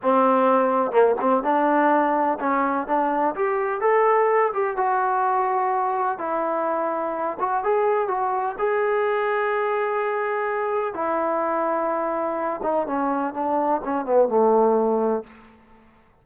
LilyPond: \new Staff \with { instrumentName = "trombone" } { \time 4/4 \tempo 4 = 126 c'2 ais8 c'8 d'4~ | d'4 cis'4 d'4 g'4 | a'4. g'8 fis'2~ | fis'4 e'2~ e'8 fis'8 |
gis'4 fis'4 gis'2~ | gis'2. e'4~ | e'2~ e'8 dis'8 cis'4 | d'4 cis'8 b8 a2 | }